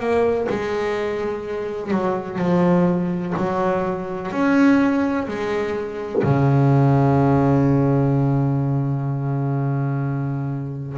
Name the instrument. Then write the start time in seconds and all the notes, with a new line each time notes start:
double bass
0.00 A#3
0.49 G#3
1.91 F#3
2.39 F3
3.37 F#3
4.32 C#4
5.28 G#3
6.23 C#3